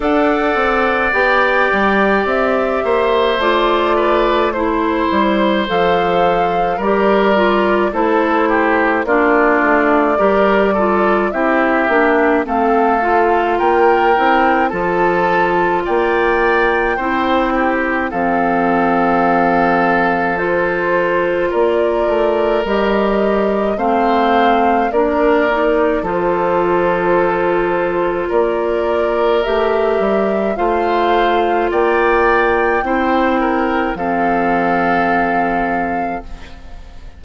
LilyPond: <<
  \new Staff \with { instrumentName = "flute" } { \time 4/4 \tempo 4 = 53 fis''4 g''4 e''4 d''4 | c''4 f''4 d''4 c''4 | d''2 e''4 f''4 | g''4 a''4 g''2 |
f''2 c''4 d''4 | dis''4 f''4 d''4 c''4~ | c''4 d''4 e''4 f''4 | g''2 f''2 | }
  \new Staff \with { instrumentName = "oboe" } { \time 4/4 d''2~ d''8 c''4 b'8 | c''2 ais'4 a'8 g'8 | f'4 ais'8 a'8 g'4 a'4 | ais'4 a'4 d''4 c''8 g'8 |
a'2. ais'4~ | ais'4 c''4 ais'4 a'4~ | a'4 ais'2 c''4 | d''4 c''8 ais'8 a'2 | }
  \new Staff \with { instrumentName = "clarinet" } { \time 4/4 a'4 g'2 f'4 | e'4 a'4 g'8 f'8 e'4 | d'4 g'8 f'8 e'8 d'8 c'8 f'8~ | f'8 e'8 f'2 e'4 |
c'2 f'2 | g'4 c'4 d'8 dis'8 f'4~ | f'2 g'4 f'4~ | f'4 e'4 c'2 | }
  \new Staff \with { instrumentName = "bassoon" } { \time 4/4 d'8 c'8 b8 g8 c'8 ais8 a4~ | a8 g8 f4 g4 a4 | ais8 a8 g4 c'8 ais8 a4 | ais8 c'8 f4 ais4 c'4 |
f2. ais8 a8 | g4 a4 ais4 f4~ | f4 ais4 a8 g8 a4 | ais4 c'4 f2 | }
>>